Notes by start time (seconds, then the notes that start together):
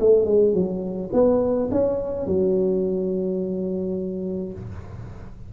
0.00 A3
0.25 G#3
0.54 F#3
1.13 B3
1.71 C#4
2.26 F#3